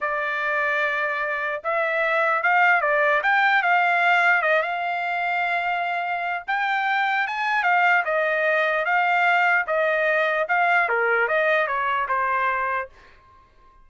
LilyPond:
\new Staff \with { instrumentName = "trumpet" } { \time 4/4 \tempo 4 = 149 d''1 | e''2 f''4 d''4 | g''4 f''2 dis''8 f''8~ | f''1 |
g''2 gis''4 f''4 | dis''2 f''2 | dis''2 f''4 ais'4 | dis''4 cis''4 c''2 | }